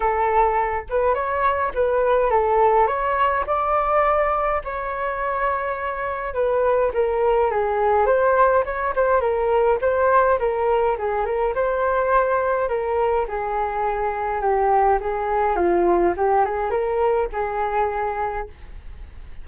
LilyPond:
\new Staff \with { instrumentName = "flute" } { \time 4/4 \tempo 4 = 104 a'4. b'8 cis''4 b'4 | a'4 cis''4 d''2 | cis''2. b'4 | ais'4 gis'4 c''4 cis''8 c''8 |
ais'4 c''4 ais'4 gis'8 ais'8 | c''2 ais'4 gis'4~ | gis'4 g'4 gis'4 f'4 | g'8 gis'8 ais'4 gis'2 | }